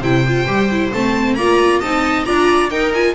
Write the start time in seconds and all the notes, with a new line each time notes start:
0.00 C3 E4 C5 G5
0.28 F4
0.47 G3 G4
0.71 E4
0.93 A3 C4 A5
1.35 A#3 F4 D5 A#5
1.80 C4 D#4 D#5 A5
2.25 D4 F4 D5 A#5
2.70 D#4 A#4 G5
2.94 F4 G#5